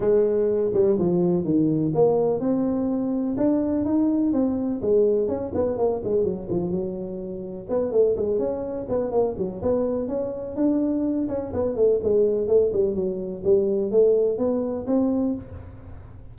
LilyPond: \new Staff \with { instrumentName = "tuba" } { \time 4/4 \tempo 4 = 125 gis4. g8 f4 dis4 | ais4 c'2 d'4 | dis'4 c'4 gis4 cis'8 b8 | ais8 gis8 fis8 f8 fis2 |
b8 a8 gis8 cis'4 b8 ais8 fis8 | b4 cis'4 d'4. cis'8 | b8 a8 gis4 a8 g8 fis4 | g4 a4 b4 c'4 | }